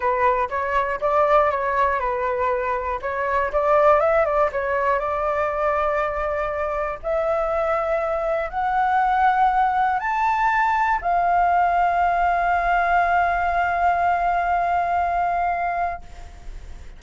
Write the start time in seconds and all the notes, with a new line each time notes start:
0.00 B4
0.49 C#5
1.00 D5
1.50 C#5
1.99 B4
3.01 C#5
3.52 D5
4.00 E5
4.25 D5
4.52 C#5
4.99 D5
7.02 E5
8.50 F#5
9.99 A5
11.01 F5